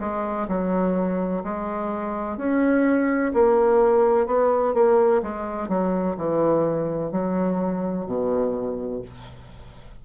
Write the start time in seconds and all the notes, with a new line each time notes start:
0.00 G#3
0.48 F#3
1.44 G#3
2.38 C#4
3.34 A#3
4.26 B3
4.74 A#3
5.23 G#3
5.69 F#3
6.17 E3
7.12 F#3
8.06 B2